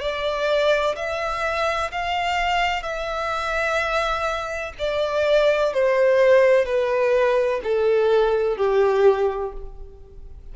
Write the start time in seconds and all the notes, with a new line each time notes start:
0.00 D5
0.96 E5
1.91 F5
2.82 E5
4.78 D5
5.73 C5
6.65 B4
7.63 A4
8.57 G4